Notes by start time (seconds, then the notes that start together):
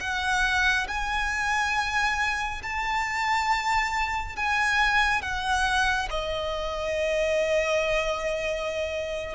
0.00 F#5
0.87 G#5
2.62 A5
4.36 G#5
5.21 F#5
6.10 D#5